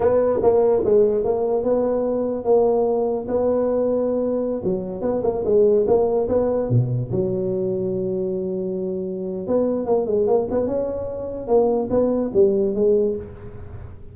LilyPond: \new Staff \with { instrumentName = "tuba" } { \time 4/4 \tempo 4 = 146 b4 ais4 gis4 ais4 | b2 ais2 | b2.~ b16 fis8.~ | fis16 b8 ais8 gis4 ais4 b8.~ |
b16 b,4 fis2~ fis8.~ | fis2. b4 | ais8 gis8 ais8 b8 cis'2 | ais4 b4 g4 gis4 | }